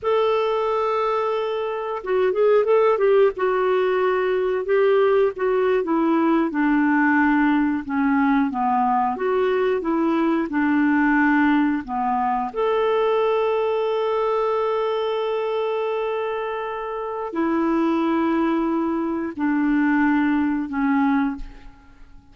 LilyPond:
\new Staff \with { instrumentName = "clarinet" } { \time 4/4 \tempo 4 = 90 a'2. fis'8 gis'8 | a'8 g'8 fis'2 g'4 | fis'8. e'4 d'2 cis'16~ | cis'8. b4 fis'4 e'4 d'16~ |
d'4.~ d'16 b4 a'4~ a'16~ | a'1~ | a'2 e'2~ | e'4 d'2 cis'4 | }